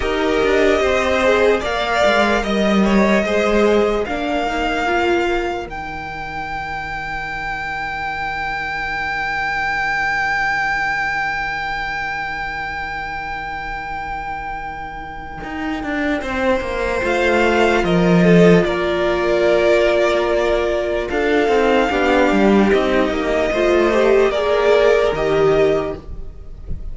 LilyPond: <<
  \new Staff \with { instrumentName = "violin" } { \time 4/4 \tempo 4 = 74 dis''2 f''4 dis''4~ | dis''4 f''2 g''4~ | g''1~ | g''1~ |
g''1~ | g''4 f''4 dis''4 d''4~ | d''2 f''2 | dis''2 d''4 dis''4 | }
  \new Staff \with { instrumentName = "violin" } { \time 4/4 ais'4 c''4 d''4 dis''8 cis''8 | c''4 ais'2.~ | ais'1~ | ais'1~ |
ais'1 | c''2 ais'8 a'8 ais'4~ | ais'2 a'4 g'4~ | g'4 c''4 ais'2 | }
  \new Staff \with { instrumentName = "viola" } { \time 4/4 g'4. gis'8 ais'2 | gis'4 d'8 dis'8 f'4 dis'4~ | dis'1~ | dis'1~ |
dis'1~ | dis'4 f'2.~ | f'2~ f'8 dis'8 d'4 | dis'4 f'8 g'8 gis'4 g'4 | }
  \new Staff \with { instrumentName = "cello" } { \time 4/4 dis'8 d'8 c'4 ais8 gis8 g4 | gis4 ais2 dis4~ | dis1~ | dis1~ |
dis2. dis'8 d'8 | c'8 ais8 a4 f4 ais4~ | ais2 d'8 c'8 b8 g8 | c'8 ais8 a4 ais4 dis4 | }
>>